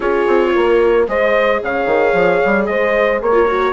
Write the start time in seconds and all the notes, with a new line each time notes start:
0.00 C#4 F4 G#4 C#5
0.27 C4
0.54 A#3 A#4
1.07 G#3 G#4 C5 D#5
1.62 C#3 C#5 F5
1.86 D#3
2.13 F3
2.45 G3
2.65 G#3 C5 D#5
3.21 A#3 A#4 C#5
3.32 F4
3.47 F#4